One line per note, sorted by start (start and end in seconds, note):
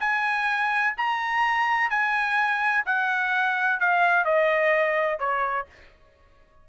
0.00 0.94 G#5
0.97 1.90 A#5
1.90 2.84 G#5
2.86 3.80 F#5
3.80 4.25 F5
4.25 5.19 D#5
5.19 5.66 C#5